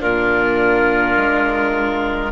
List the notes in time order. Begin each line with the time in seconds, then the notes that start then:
0.00 A#2 D4 F4 A#4
1.17 G#3